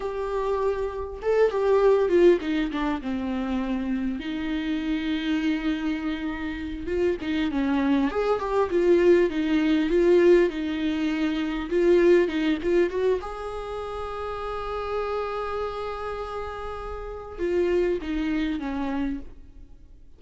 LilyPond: \new Staff \with { instrumentName = "viola" } { \time 4/4 \tempo 4 = 100 g'2 a'8 g'4 f'8 | dis'8 d'8 c'2 dis'4~ | dis'2.~ dis'8 f'8 | dis'8 cis'4 gis'8 g'8 f'4 dis'8~ |
dis'8 f'4 dis'2 f'8~ | f'8 dis'8 f'8 fis'8 gis'2~ | gis'1~ | gis'4 f'4 dis'4 cis'4 | }